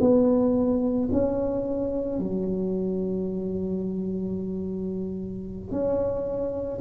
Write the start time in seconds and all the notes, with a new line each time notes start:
0.00 B3
1.12 C#4
2.19 F#3
5.71 C#4